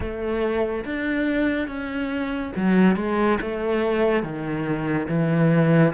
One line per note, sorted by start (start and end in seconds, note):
0.00 0.84 A3
0.85 1.67 D4
1.67 2.52 C#4
2.56 2.96 F#3
2.96 3.38 G#3
3.41 4.23 A3
4.23 5.07 D#3
5.08 5.93 E3